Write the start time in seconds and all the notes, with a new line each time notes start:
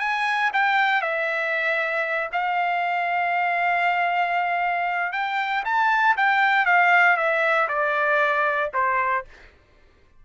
0.00 G#5
0.54 G5
1.02 E5
2.33 F5
5.13 G5
5.65 A5
6.17 G5
6.66 F5
7.17 E5
7.69 D5
8.74 C5